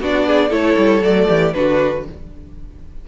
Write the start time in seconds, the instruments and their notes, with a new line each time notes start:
0.00 cello B3, viola D4, violin F#4 D5
0.26 violin G#4
0.49 cello A3, viola E4, violin A4 C#5
0.77 cello G3
1.02 cello F#3, viola A3, violin D5
1.28 cello E3, violin G4
1.54 cello D3, viola D4, violin F#4 B4